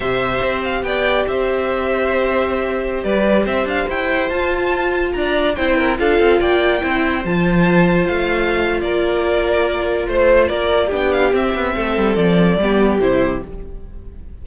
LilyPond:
<<
  \new Staff \with { instrumentName = "violin" } { \time 4/4 \tempo 4 = 143 e''4. f''8 g''4 e''4~ | e''2.~ e''16 d''8.~ | d''16 e''8 f''8 g''4 a''4.~ a''16~ | a''16 ais''4 g''4 f''4 g''8.~ |
g''4~ g''16 a''2 f''8.~ | f''4 d''2. | c''4 d''4 g''8 f''8 e''4~ | e''4 d''2 c''4 | }
  \new Staff \with { instrumentName = "violin" } { \time 4/4 c''2 d''4 c''4~ | c''2.~ c''16 b'8.~ | b'16 c''2.~ c''8.~ | c''16 d''4 c''8 ais'8 a'4 d''8.~ |
d''16 c''2.~ c''8.~ | c''4 ais'2. | c''4 ais'4 g'2 | a'2 g'2 | }
  \new Staff \with { instrumentName = "viola" } { \time 4/4 g'1~ | g'1~ | g'2~ g'16 f'4.~ f'16~ | f'4~ f'16 e'4 f'4.~ f'16~ |
f'16 e'4 f'2~ f'8.~ | f'1~ | f'2 d'4 c'4~ | c'2 b4 e'4 | }
  \new Staff \with { instrumentName = "cello" } { \time 4/4 c4 c'4 b4 c'4~ | c'2.~ c'16 g8.~ | g16 c'8 d'8 e'4 f'4.~ f'16~ | f'16 d'4 c'4 d'8 c'8 ais8.~ |
ais16 c'4 f2 a8.~ | a4 ais2. | a4 ais4 b4 c'8 b8 | a8 g8 f4 g4 c4 | }
>>